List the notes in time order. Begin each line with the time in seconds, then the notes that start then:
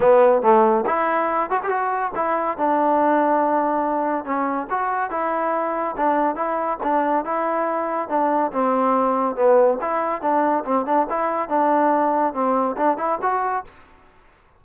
0.00 B3
0.42 A3
0.86 E4
1.50 F#4
1.63 G4
1.69 F#4
2.15 E4
2.57 D4
4.24 C#4
4.69 F#4
5.10 E4
5.97 D4
6.35 E4
6.83 D4
7.24 E4
8.09 D4
8.52 C4
9.35 B3
9.81 E4
10.21 D4
10.65 C4
10.85 D4
11.09 E4
11.49 D4
12.33 C4
12.76 D4
12.97 E4
13.22 F#4